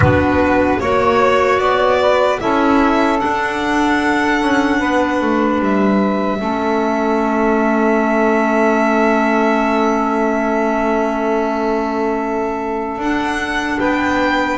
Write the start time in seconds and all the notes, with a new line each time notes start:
0.00 B3 D4 F#4 B4
0.79 A#3 F#4 C#5
1.58 B3 D5
2.00 B4
2.39 C#4 E4 A4 E5
3.18 D4 F#5
4.42 C#4
4.78 B3 B4
5.21 A3
5.60 G3 E5
6.39 A3 C#4 A4
12.98 D4 F#5
13.79 B3 B4 G5